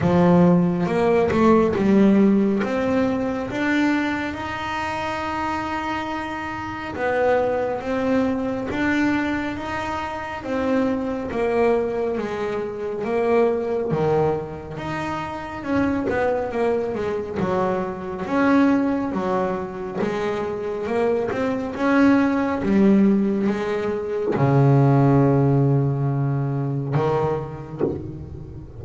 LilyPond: \new Staff \with { instrumentName = "double bass" } { \time 4/4 \tempo 4 = 69 f4 ais8 a8 g4 c'4 | d'4 dis'2. | b4 c'4 d'4 dis'4 | c'4 ais4 gis4 ais4 |
dis4 dis'4 cis'8 b8 ais8 gis8 | fis4 cis'4 fis4 gis4 | ais8 c'8 cis'4 g4 gis4 | cis2. dis4 | }